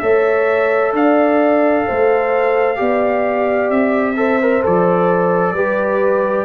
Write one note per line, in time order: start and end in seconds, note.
0.00 0.93 A3
0.00 2.76 A4
0.00 0.95 C#5
0.00 0.92 E5
0.93 1.86 D4
0.93 1.87 D5
0.93 3.71 F5
1.87 2.80 A3
1.87 2.79 C5
2.76 3.70 B3
2.76 4.15 G4
2.76 4.18 D5
3.70 4.63 C4
3.70 4.63 E5
4.16 4.39 A4
4.16 5.54 C5
4.42 4.62 A#4
4.62 5.53 F3
4.62 5.55 A4
4.62 6.46 D5
5.53 6.45 G3
5.53 6.46 G4
5.53 6.46 B4